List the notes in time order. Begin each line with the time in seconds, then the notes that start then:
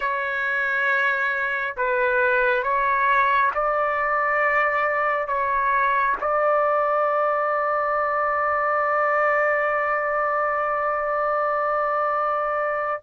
0.00 C#5
1.76 B4
2.63 C#5
3.54 D5
5.27 C#5
6.20 D5